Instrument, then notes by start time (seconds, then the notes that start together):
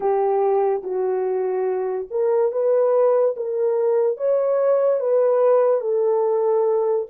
horn
0.00 G4
0.83 F#4
2.10 A#4
2.52 B4
3.36 A#4
4.17 C#5
5.00 B4
5.81 A4